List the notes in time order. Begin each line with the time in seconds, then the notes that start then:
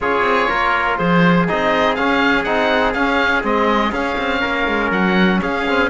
0.00 C#4 F4 G#4 C#5
0.22 C4
0.48 A#3 A#4
0.97 F3 G#4 C5
1.47 C4 D#4 D#5
1.95 C#4 F5
2.43 C4 D#4 F#5
2.93 C#4 F5
3.42 G#3 C4 D#5
3.91 C#4 F5
4.18 C4
4.40 A#3 A#4
4.67 G#3
4.91 F#3 F#5
5.41 C#4 G#4 F5
5.67 C4